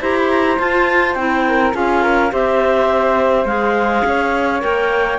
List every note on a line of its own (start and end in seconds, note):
0.00 0.58 E4
0.00 0.58 G4
0.00 1.44 C5
0.00 0.16 A#5
0.17 0.30 B5
0.30 0.59 A#5
0.58 1.16 F4
0.58 1.15 F4
0.58 1.14 A5
1.14 1.73 C4
1.14 1.73 E4
1.14 1.72 G5
1.48 1.75 A#4
1.73 2.31 C#4
1.73 2.30 F4
1.73 2.02 G#4
1.73 2.33 F5
2.02 2.31 A#4
2.30 3.45 C4
2.30 3.45 G4
2.30 4.04 C5
2.30 3.46 E5
3.45 4.02 G#3
3.45 4.60 G#4
3.45 4.61 F5
4.04 4.62 C#4
4.04 5.18 C#5
4.60 5.18 A#3
4.60 5.18 A#4
4.60 5.18 G5